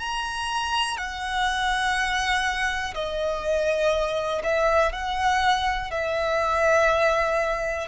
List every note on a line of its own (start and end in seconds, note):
0.00 0.97 A#5
0.97 2.94 F#5
2.95 4.42 D#5
4.44 4.93 E5
4.93 5.91 F#5
5.91 7.88 E5